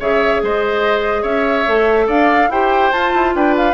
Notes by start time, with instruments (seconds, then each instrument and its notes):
0.00 bassoon C#3, clarinet G#4, oboe C#5, flute E5
0.43 bassoon G#3, oboe C5, flute D#5
1.22 bassoon C#4, oboe C#5, flute E5
1.67 bassoon A3, clarinet A4
2.07 bassoon D4, oboe D5, flute F5
2.49 bassoon E4, clarinet G4, oboe C5, flute G5
2.92 clarinet F4, bassoon F4, flute A5
3.15 bassoon E4
3.35 bassoon D4, oboe B4, flute G5
3.57 flute F5